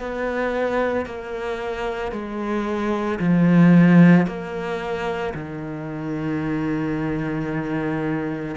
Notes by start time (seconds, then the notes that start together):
0.00 B3
1.06 A#3
2.12 G#3
3.20 F3
4.27 A#3
5.35 D#3